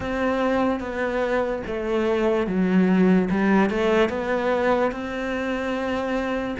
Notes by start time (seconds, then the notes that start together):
0.00 C4
0.80 B3
1.67 A3
2.46 F#3
3.30 G3
3.70 A3
4.09 B3
4.91 C4